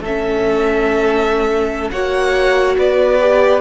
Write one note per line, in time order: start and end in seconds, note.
0.00 1.90 A3
0.00 1.93 C#4
0.00 1.92 A4
0.00 1.91 E5
1.91 2.77 A#3
1.91 3.20 F#4
1.91 2.77 C#5
1.91 2.75 F#5
2.78 3.61 B3
2.78 3.61 B4
2.78 3.61 D5
3.20 3.61 G4